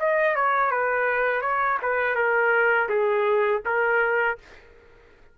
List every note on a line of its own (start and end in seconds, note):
0.00 0.36 D#5
0.36 0.71 C#5
0.71 1.42 B4
1.42 1.78 C#5
1.82 2.16 B4
2.16 2.89 A#4
2.89 3.63 G#4
3.66 4.39 A#4